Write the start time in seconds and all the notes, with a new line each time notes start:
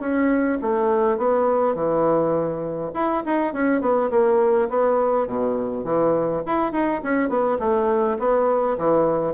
0.00 C#4
0.62 A3
1.18 B3
1.75 E3
2.94 E4
3.25 D#4
3.53 C#4
3.81 B3
4.10 A#3
4.69 B3
5.27 B2
5.84 E3
6.46 E4
6.72 D#4
7.03 C#4
7.29 B3
7.59 A3
8.19 B3
8.78 E3